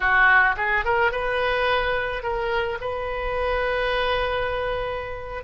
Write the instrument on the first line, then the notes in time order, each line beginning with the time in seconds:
oboe
0.00 F#4
0.57 G#4
0.84 A#4
1.11 B4
2.22 A#4
2.80 B4